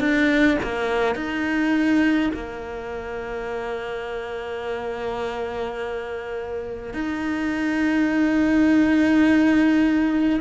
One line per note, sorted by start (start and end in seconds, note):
0.00 0.58 D4
0.63 1.15 A#3
1.15 2.31 D#4
2.34 6.94 A#3
6.94 10.40 D#4